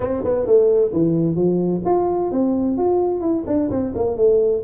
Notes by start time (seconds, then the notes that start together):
0.00 C4
0.23 B3
0.46 A3
0.92 E3
1.35 F3
1.85 F4
2.31 C4
2.77 F4
3.20 E4
3.46 D4
3.70 C4
3.95 A#3
4.16 A3